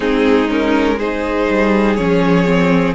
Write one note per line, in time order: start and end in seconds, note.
0.00 1.48 G#3
0.00 0.47 C4
0.00 0.97 D#4
0.00 0.49 G#4
0.48 0.97 C#4
0.48 0.99 A#4
0.97 1.97 D#4
0.97 2.94 G#4
0.97 1.95 C5
1.49 1.98 G3
1.95 2.94 F3
1.95 2.45 C#4
1.95 2.93 C#5
2.45 2.94 C4